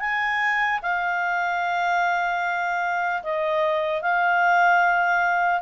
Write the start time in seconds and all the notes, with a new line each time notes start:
0.00 G#5
0.83 F5
3.24 D#5
4.02 F5